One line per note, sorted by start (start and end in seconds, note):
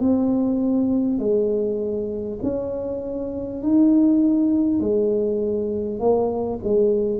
0.00 1.18 C4
1.18 2.38 G#3
2.42 3.62 C#4
3.63 4.79 D#4
4.79 5.99 G#3
5.99 6.59 A#3
6.63 7.19 G#3